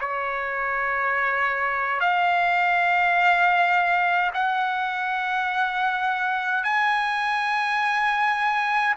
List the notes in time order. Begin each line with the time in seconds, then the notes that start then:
0.00 C#5
2.00 F5
4.34 F#5
6.63 G#5